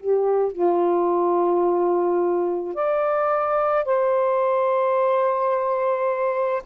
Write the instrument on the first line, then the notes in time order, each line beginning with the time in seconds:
saxophone
0.00 G4
0.52 F4
2.74 D5
3.85 C5